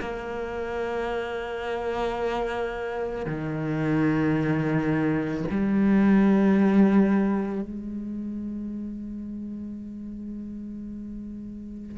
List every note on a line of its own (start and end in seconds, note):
0.00 3.25 A#3
3.25 5.43 D#3
5.50 7.62 G3
7.62 11.98 G#3